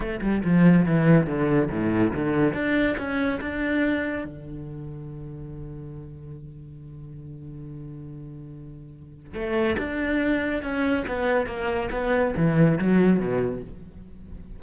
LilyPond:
\new Staff \with { instrumentName = "cello" } { \time 4/4 \tempo 4 = 141 a8 g8 f4 e4 d4 | a,4 d4 d'4 cis'4 | d'2 d2~ | d1~ |
d1~ | d2 a4 d'4~ | d'4 cis'4 b4 ais4 | b4 e4 fis4 b,4 | }